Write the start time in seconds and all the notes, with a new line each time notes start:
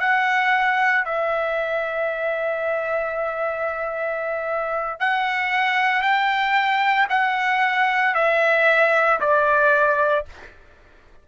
0.00 F#5
1.05 E5
5.00 F#5
6.02 G5
7.10 F#5
8.15 E5
9.21 D5